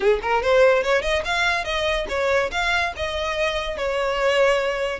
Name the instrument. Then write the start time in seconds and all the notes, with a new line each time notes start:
violin
0.00 G#4
0.22 A#4
0.42 C5
0.83 C#5
1.02 D#5
1.24 F5
1.64 D#5
2.09 C#5
2.51 F5
2.96 D#5
3.77 C#5